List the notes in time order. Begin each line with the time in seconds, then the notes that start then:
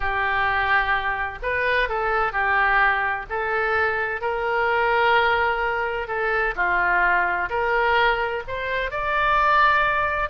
0.00 G4
1.42 B4
1.89 A4
2.32 G4
3.29 A4
4.21 A#4
6.07 A4
6.55 F4
7.49 A#4
8.47 C5
8.90 D5